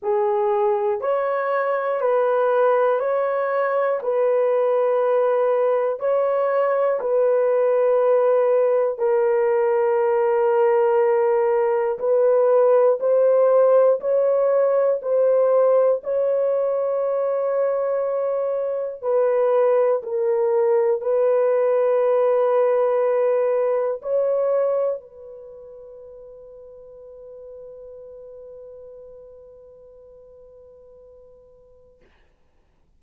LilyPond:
\new Staff \with { instrumentName = "horn" } { \time 4/4 \tempo 4 = 60 gis'4 cis''4 b'4 cis''4 | b'2 cis''4 b'4~ | b'4 ais'2. | b'4 c''4 cis''4 c''4 |
cis''2. b'4 | ais'4 b'2. | cis''4 b'2.~ | b'1 | }